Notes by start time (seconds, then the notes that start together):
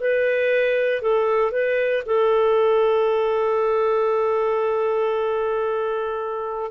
0.00 B4
1.02 A4
1.51 B4
2.06 A4